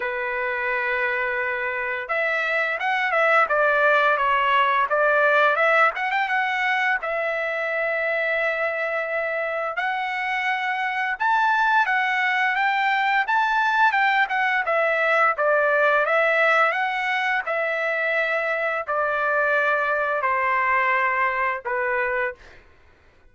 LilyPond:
\new Staff \with { instrumentName = "trumpet" } { \time 4/4 \tempo 4 = 86 b'2. e''4 | fis''8 e''8 d''4 cis''4 d''4 | e''8 fis''16 g''16 fis''4 e''2~ | e''2 fis''2 |
a''4 fis''4 g''4 a''4 | g''8 fis''8 e''4 d''4 e''4 | fis''4 e''2 d''4~ | d''4 c''2 b'4 | }